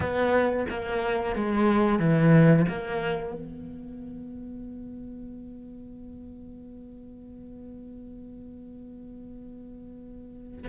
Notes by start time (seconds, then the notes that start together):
0.00 B3
0.69 A#3
1.35 G#3
1.99 E3
2.68 A#3
3.33 B3